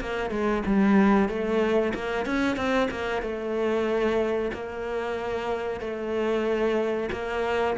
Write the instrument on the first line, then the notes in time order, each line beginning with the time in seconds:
cello
0.00 A#3
0.30 G#3
0.66 G3
1.28 A3
1.94 A#3
2.26 C#4
2.56 C4
2.91 A#3
3.22 A3
4.53 A#3
5.80 A3
7.12 A#3